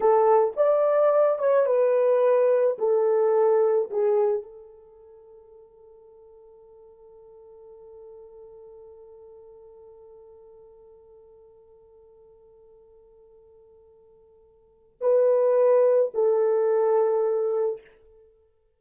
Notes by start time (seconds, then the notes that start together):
0.00 A4
0.56 D5
1.38 C#5
1.66 B4
2.78 A4
3.90 G#4
4.43 A4
15.01 B4
16.14 A4